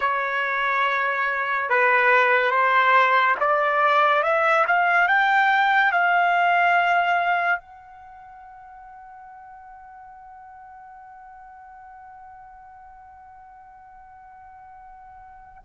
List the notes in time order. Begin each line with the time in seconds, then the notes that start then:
0.00 C#5
1.69 B4
2.50 C5
3.40 D5
4.23 E5
4.67 F5
5.08 G5
5.92 F5
7.59 F#5